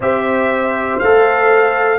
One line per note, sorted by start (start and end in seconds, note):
0.00 0.99 C4
0.00 1.01 G4
0.00 1.98 C5
0.00 0.99 E5
0.99 1.98 A3
0.99 1.98 A4
0.99 1.98 F5